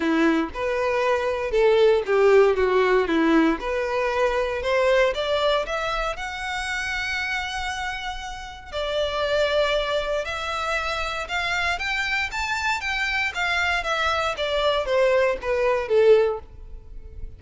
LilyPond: \new Staff \with { instrumentName = "violin" } { \time 4/4 \tempo 4 = 117 e'4 b'2 a'4 | g'4 fis'4 e'4 b'4~ | b'4 c''4 d''4 e''4 | fis''1~ |
fis''4 d''2. | e''2 f''4 g''4 | a''4 g''4 f''4 e''4 | d''4 c''4 b'4 a'4 | }